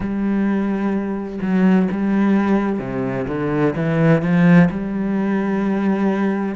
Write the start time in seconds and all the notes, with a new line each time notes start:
0.00 G3
1.41 F#3
1.91 G3
2.79 C3
3.27 D3
3.75 E3
4.22 F3
4.70 G3